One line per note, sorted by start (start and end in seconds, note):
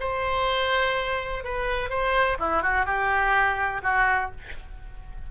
0.00 1.44 C5
1.44 1.89 B4
1.89 2.37 C5
2.39 2.62 E4
2.62 2.85 F#4
2.85 3.81 G4
3.83 4.31 F#4